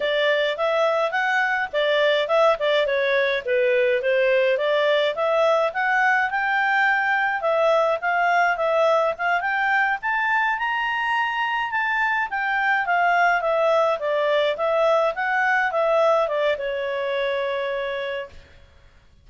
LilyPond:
\new Staff \with { instrumentName = "clarinet" } { \time 4/4 \tempo 4 = 105 d''4 e''4 fis''4 d''4 | e''8 d''8 cis''4 b'4 c''4 | d''4 e''4 fis''4 g''4~ | g''4 e''4 f''4 e''4 |
f''8 g''4 a''4 ais''4.~ | ais''8 a''4 g''4 f''4 e''8~ | e''8 d''4 e''4 fis''4 e''8~ | e''8 d''8 cis''2. | }